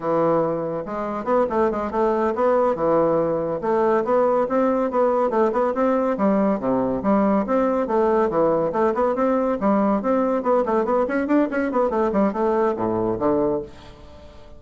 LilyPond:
\new Staff \with { instrumentName = "bassoon" } { \time 4/4 \tempo 4 = 141 e2 gis4 b8 a8 | gis8 a4 b4 e4.~ | e8 a4 b4 c'4 b8~ | b8 a8 b8 c'4 g4 c8~ |
c8 g4 c'4 a4 e8~ | e8 a8 b8 c'4 g4 c'8~ | c'8 b8 a8 b8 cis'8 d'8 cis'8 b8 | a8 g8 a4 a,4 d4 | }